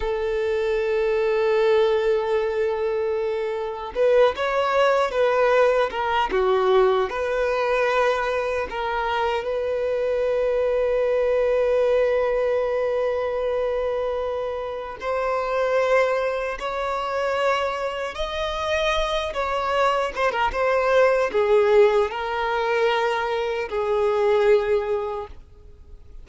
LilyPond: \new Staff \with { instrumentName = "violin" } { \time 4/4 \tempo 4 = 76 a'1~ | a'4 b'8 cis''4 b'4 ais'8 | fis'4 b'2 ais'4 | b'1~ |
b'2. c''4~ | c''4 cis''2 dis''4~ | dis''8 cis''4 c''16 ais'16 c''4 gis'4 | ais'2 gis'2 | }